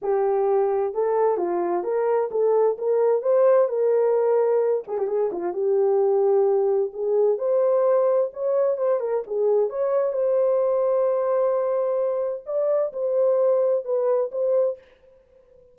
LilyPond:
\new Staff \with { instrumentName = "horn" } { \time 4/4 \tempo 4 = 130 g'2 a'4 f'4 | ais'4 a'4 ais'4 c''4 | ais'2~ ais'8 gis'16 g'16 gis'8 f'8 | g'2. gis'4 |
c''2 cis''4 c''8 ais'8 | gis'4 cis''4 c''2~ | c''2. d''4 | c''2 b'4 c''4 | }